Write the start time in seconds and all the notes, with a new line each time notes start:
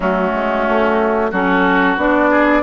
0.00 F#3 A3 C#4 F#4
0.34 G#3
0.68 A3
1.31 F#3 C#4 F#4 A4
1.96 B3 D4 D5
2.30 G#4